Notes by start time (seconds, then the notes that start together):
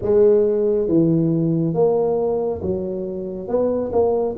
0.02 G#3
0.87 E3
1.74 A#3
2.62 F#3
3.47 B3
3.92 A#3